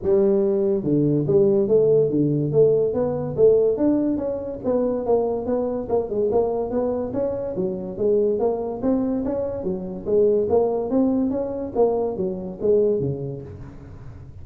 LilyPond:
\new Staff \with { instrumentName = "tuba" } { \time 4/4 \tempo 4 = 143 g2 d4 g4 | a4 d4 a4 b4 | a4 d'4 cis'4 b4 | ais4 b4 ais8 gis8 ais4 |
b4 cis'4 fis4 gis4 | ais4 c'4 cis'4 fis4 | gis4 ais4 c'4 cis'4 | ais4 fis4 gis4 cis4 | }